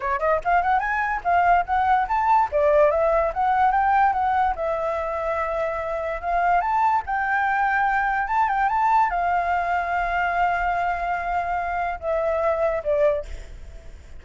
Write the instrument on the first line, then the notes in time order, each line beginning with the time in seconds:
flute
0.00 C#5
0.19 D#5
0.44 F5
0.62 F#5
0.79 G#5
1.24 F5
1.65 F#5
2.07 A5
2.51 D5
2.91 E5
3.33 F#5
3.71 G5
4.13 F#5
4.55 E5
6.21 F5
6.61 A5
7.06 G5
8.27 A5
8.48 G5
8.68 A5
9.10 F5
11.99 E5
12.83 D5